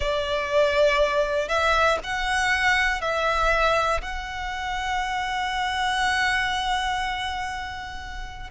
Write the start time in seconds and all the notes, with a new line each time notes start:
0.00 D5
1.48 E5
2.03 F#5
3.00 E5
4.01 F#5